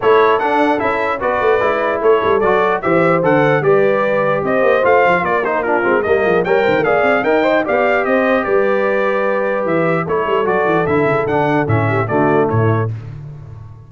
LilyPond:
<<
  \new Staff \with { instrumentName = "trumpet" } { \time 4/4 \tempo 4 = 149 cis''4 fis''4 e''4 d''4~ | d''4 cis''4 d''4 e''4 | fis''4 d''2 dis''4 | f''4 d''8 c''8 ais'4 dis''4 |
g''4 f''4 g''4 f''4 | dis''4 d''2. | e''4 cis''4 d''4 e''4 | fis''4 e''4 d''4 cis''4 | }
  \new Staff \with { instrumentName = "horn" } { \time 4/4 a'2. b'4~ | b'4 a'2 c''4~ | c''4 b'2 c''4~ | c''4 ais'4 f'4 ais'8 gis'8 |
cis''8 c''8 d''4 dis''4 d''4 | c''4 b'2.~ | b'4 a'2.~ | a'4. g'8 fis'4 e'4 | }
  \new Staff \with { instrumentName = "trombone" } { \time 4/4 e'4 d'4 e'4 fis'4 | e'2 fis'4 g'4 | a'4 g'2. | f'4. dis'8 d'8 c'8 ais4 |
ais'4 gis'4 ais'8 c''8 g'4~ | g'1~ | g'4 e'4 fis'4 e'4 | d'4 cis'4 a2 | }
  \new Staff \with { instrumentName = "tuba" } { \time 4/4 a4 d'4 cis'4 b8 a8 | gis4 a8 g8 fis4 e4 | d4 g2 c'8 ais8 | a8 f8 ais4. gis8 g8 f8 |
g8 dis16 a16 ais8 c'8 dis'4 b4 | c'4 g2. | e4 a8 g8 fis8 e8 d8 cis8 | d4 a,4 d4 a,4 | }
>>